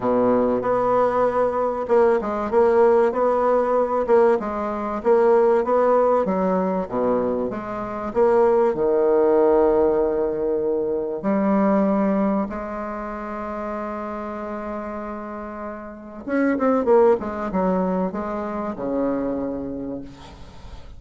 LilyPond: \new Staff \with { instrumentName = "bassoon" } { \time 4/4 \tempo 4 = 96 b,4 b2 ais8 gis8 | ais4 b4. ais8 gis4 | ais4 b4 fis4 b,4 | gis4 ais4 dis2~ |
dis2 g2 | gis1~ | gis2 cis'8 c'8 ais8 gis8 | fis4 gis4 cis2 | }